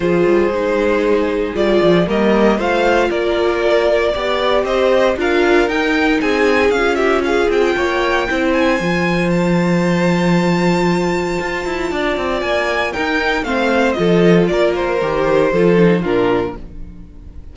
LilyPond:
<<
  \new Staff \with { instrumentName = "violin" } { \time 4/4 \tempo 4 = 116 c''2. d''4 | dis''4 f''4 d''2~ | d''4 dis''4 f''4 g''4 | gis''4 f''8 e''8 f''8 g''4.~ |
g''8 gis''4. a''2~ | a''1 | gis''4 g''4 f''4 dis''4 | d''8 c''2~ c''8 ais'4 | }
  \new Staff \with { instrumentName = "violin" } { \time 4/4 gis'1 | ais'4 c''4 ais'2 | d''4 c''4 ais'2 | gis'4. g'8 gis'4 cis''4 |
c''1~ | c''2. d''4~ | d''4 ais'4 c''4 a'4 | ais'2 a'4 f'4 | }
  \new Staff \with { instrumentName = "viola" } { \time 4/4 f'4 dis'2 f'4 | ais4 f'2. | g'2 f'4 dis'4~ | dis'4 f'2. |
e'4 f'2.~ | f'1~ | f'4 dis'4 c'4 f'4~ | f'4 g'4 f'8 dis'8 d'4 | }
  \new Staff \with { instrumentName = "cello" } { \time 4/4 f8 g8 gis2 g8 f8 | g4 a4 ais2 | b4 c'4 d'4 dis'4 | c'4 cis'4. c'8 ais4 |
c'4 f2.~ | f2 f'8 e'8 d'8 c'8 | ais4 dis'4 a4 f4 | ais4 dis4 f4 ais,4 | }
>>